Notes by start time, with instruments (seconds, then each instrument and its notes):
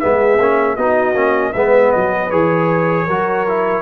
0.00 tuba G#3, trombone B3, horn G#4, trumpet E5
0.38 tuba A#3, trombone C#4
0.76 tuba B3, trombone D#4, horn F#4, trumpet D#5
1.15 tuba A#3, trombone C#4
1.52 tuba G#3, trombone B3, horn B4, trumpet E5
1.92 tuba F#3, trumpet D#5
2.31 tuba E3, trombone G#4, trumpet C#5
3.06 tuba F#3, trombone F#4, horn A#4
3.48 trombone E4